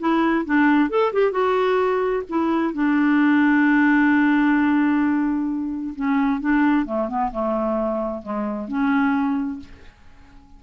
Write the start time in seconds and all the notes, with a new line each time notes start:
0.00 E4
0.46 D4
0.90 A4
1.13 G4
1.32 F#4
2.30 E4
2.74 D4
5.96 C#4
6.41 D4
6.86 A3
7.09 B3
7.32 A3
8.23 G#3
8.69 C#4